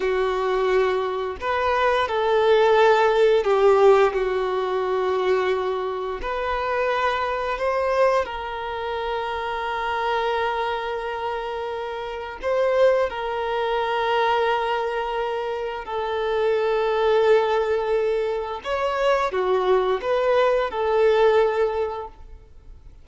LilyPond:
\new Staff \with { instrumentName = "violin" } { \time 4/4 \tempo 4 = 87 fis'2 b'4 a'4~ | a'4 g'4 fis'2~ | fis'4 b'2 c''4 | ais'1~ |
ais'2 c''4 ais'4~ | ais'2. a'4~ | a'2. cis''4 | fis'4 b'4 a'2 | }